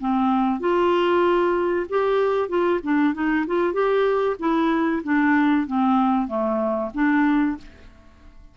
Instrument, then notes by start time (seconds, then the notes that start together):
clarinet
0.00 C4
0.60 F4
1.89 G4
2.48 F4
2.83 D4
3.14 D#4
3.47 F4
3.73 G4
4.39 E4
5.04 D4
5.66 C4
6.27 A3
6.94 D4